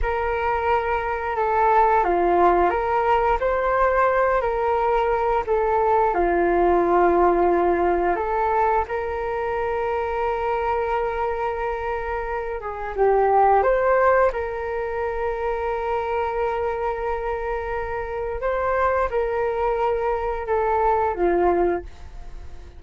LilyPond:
\new Staff \with { instrumentName = "flute" } { \time 4/4 \tempo 4 = 88 ais'2 a'4 f'4 | ais'4 c''4. ais'4. | a'4 f'2. | a'4 ais'2.~ |
ais'2~ ais'8 gis'8 g'4 | c''4 ais'2.~ | ais'2. c''4 | ais'2 a'4 f'4 | }